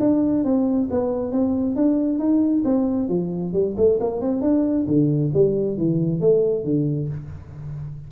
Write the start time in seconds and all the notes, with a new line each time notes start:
0.00 D4
0.44 C4
0.91 B3
1.32 C4
1.76 D4
2.19 D#4
2.65 C4
3.09 F3
3.53 G3
3.77 A3
4.00 A#3
4.21 C4
4.42 D4
4.87 D3
5.34 G3
5.78 E3
6.21 A3
6.65 D3